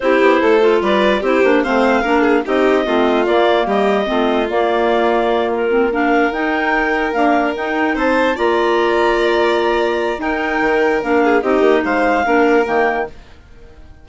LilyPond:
<<
  \new Staff \with { instrumentName = "clarinet" } { \time 4/4 \tempo 4 = 147 c''2 d''4 c''4 | f''2 dis''2 | d''4 dis''2 d''4~ | d''4. ais'4 f''4 g''8~ |
g''4. f''4 g''4 a''8~ | a''8 ais''2.~ ais''8~ | ais''4 g''2 f''4 | dis''4 f''2 g''4 | }
  \new Staff \with { instrumentName = "violin" } { \time 4/4 g'4 a'4 b'4 g'4 | c''4 ais'8 gis'8 g'4 f'4~ | f'4 g'4 f'2~ | f'2~ f'8 ais'4.~ |
ais'2.~ ais'8 c''8~ | c''8 d''2.~ d''8~ | d''4 ais'2~ ais'8 gis'8 | g'4 c''4 ais'2 | }
  \new Staff \with { instrumentName = "clarinet" } { \time 4/4 e'4. f'4. e'8 d'8 | c'4 d'4 dis'4 c'4 | ais2 c'4 ais4~ | ais2 c'8 d'4 dis'8~ |
dis'4. ais4 dis'4.~ | dis'8 f'2.~ f'8~ | f'4 dis'2 d'4 | dis'2 d'4 ais4 | }
  \new Staff \with { instrumentName = "bassoon" } { \time 4/4 c'8 b8 a4 g4 c'8 ais8 | a4 ais4 c'4 a4 | ais4 g4 a4 ais4~ | ais2.~ ais8 dis'8~ |
dis'4. d'4 dis'4 c'8~ | c'8 ais2.~ ais8~ | ais4 dis'4 dis4 ais4 | c'8 ais8 gis4 ais4 dis4 | }
>>